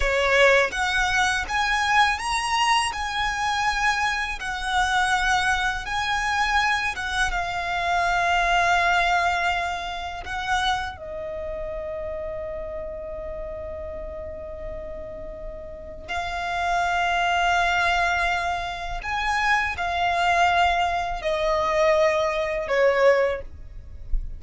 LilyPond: \new Staff \with { instrumentName = "violin" } { \time 4/4 \tempo 4 = 82 cis''4 fis''4 gis''4 ais''4 | gis''2 fis''2 | gis''4. fis''8 f''2~ | f''2 fis''4 dis''4~ |
dis''1~ | dis''2 f''2~ | f''2 gis''4 f''4~ | f''4 dis''2 cis''4 | }